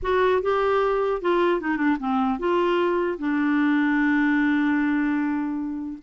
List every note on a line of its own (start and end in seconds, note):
0.02 0.42 F#4
0.42 1.21 G4
1.21 1.60 F4
1.60 1.77 D#4
1.77 1.97 D4
1.99 2.39 C4
2.39 3.18 F4
3.18 5.98 D4